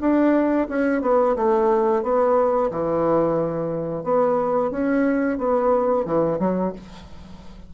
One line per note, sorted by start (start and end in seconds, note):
0.00 0.67 D4
0.69 1.02 C#4
1.02 1.35 B3
1.36 2.03 A3
2.03 2.70 B3
2.71 4.04 E3
4.04 4.70 B3
4.70 5.38 C#4
5.38 6.05 B3
6.05 6.39 E3
6.39 6.73 F#3